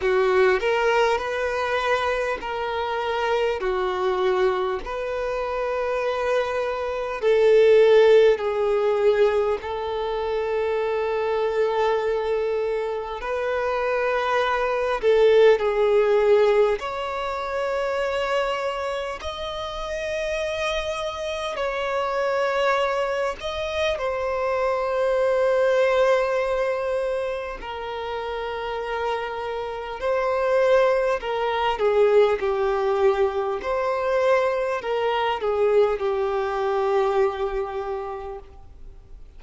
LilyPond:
\new Staff \with { instrumentName = "violin" } { \time 4/4 \tempo 4 = 50 fis'8 ais'8 b'4 ais'4 fis'4 | b'2 a'4 gis'4 | a'2. b'4~ | b'8 a'8 gis'4 cis''2 |
dis''2 cis''4. dis''8 | c''2. ais'4~ | ais'4 c''4 ais'8 gis'8 g'4 | c''4 ais'8 gis'8 g'2 | }